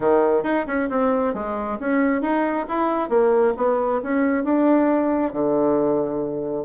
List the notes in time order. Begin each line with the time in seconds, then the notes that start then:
0.00 D#3
0.43 D#4
0.67 C#4
0.89 C4
1.34 G#3
1.79 C#4
2.21 D#4
2.68 E4
3.09 A#3
3.56 B3
4.02 C#4
4.44 D4
5.32 D3